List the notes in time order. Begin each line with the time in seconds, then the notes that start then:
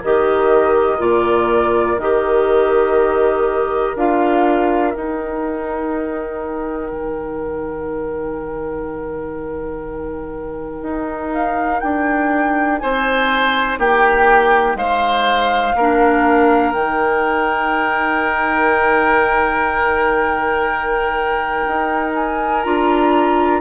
0.00 D#3 G4 A#4 D#5
0.99 A#2 F4 D5
1.98 D#3 G4 D#5
3.96 D4 F4 F5
4.94 D#4 G5
6.92 D#3
10.83 D#4
11.32 F5
11.80 D4 G5
12.79 C4 C5 G#5
13.79 A#3 G4 G5
14.75 G#3 C5 F5
15.75 A#3 D4 A#4
16.72 D#3 D#4 G5
21.67 D#4
22.15 G#5
22.63 D4 F4 A#5